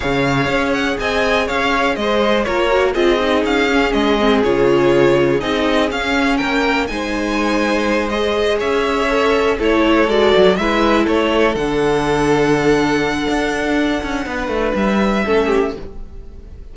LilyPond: <<
  \new Staff \with { instrumentName = "violin" } { \time 4/4 \tempo 4 = 122 f''4. fis''8 gis''4 f''4 | dis''4 cis''4 dis''4 f''4 | dis''4 cis''2 dis''4 | f''4 g''4 gis''2~ |
gis''8 dis''4 e''2 cis''8~ | cis''8 d''4 e''4 cis''4 fis''8~ | fis''1~ | fis''2 e''2 | }
  \new Staff \with { instrumentName = "violin" } { \time 4/4 cis''2 dis''4 cis''4 | c''4 ais'4 gis'2~ | gis'1~ | gis'4 ais'4 c''2~ |
c''4. cis''2 a'8~ | a'4. b'4 a'4.~ | a'1~ | a'4 b'2 a'8 g'8 | }
  \new Staff \with { instrumentName = "viola" } { \time 4/4 gis'1~ | gis'4 f'8 fis'8 f'8 dis'4 cis'8~ | cis'8 c'8 f'2 dis'4 | cis'2 dis'2~ |
dis'8 gis'2 a'4 e'8~ | e'8 fis'4 e'2 d'8~ | d'1~ | d'2. cis'4 | }
  \new Staff \with { instrumentName = "cello" } { \time 4/4 cis4 cis'4 c'4 cis'4 | gis4 ais4 c'4 cis'4 | gis4 cis2 c'4 | cis'4 ais4 gis2~ |
gis4. cis'2 a8~ | a8 gis8 fis8 gis4 a4 d8~ | d2. d'4~ | d'8 cis'8 b8 a8 g4 a4 | }
>>